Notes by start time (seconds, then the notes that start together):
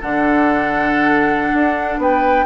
0.00 D3 D4 A4 F#5
1.53 D4
1.97 B3 B4 G5